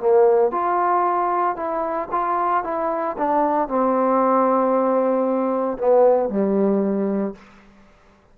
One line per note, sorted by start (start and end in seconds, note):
0.00 0.52 A#3
0.52 1.56 F4
1.56 2.09 E4
2.12 2.64 F4
2.64 3.17 E4
3.18 3.68 D4
3.68 5.78 C4
5.78 6.29 B3
6.29 7.35 G3